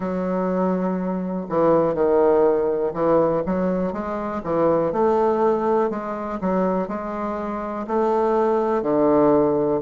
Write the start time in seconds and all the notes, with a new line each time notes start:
0.00 F#3
1.49 E3
1.94 D#3
2.93 E3
3.46 F#3
3.92 G#3
4.43 E3
4.92 A3
5.90 G#3
6.41 F#3
6.88 G#3
7.87 A3
8.82 D3